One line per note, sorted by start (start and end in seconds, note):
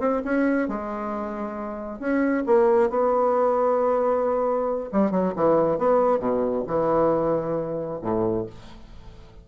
0.00 0.22 C4
0.25 0.69 C#4
0.69 2.00 G#3
2.00 2.44 C#4
2.46 2.90 A#3
2.90 4.90 B3
4.93 5.12 G3
5.12 5.34 F#3
5.36 5.78 E3
5.78 6.20 B3
6.20 6.64 B2
6.67 8.01 E3
8.02 8.47 A2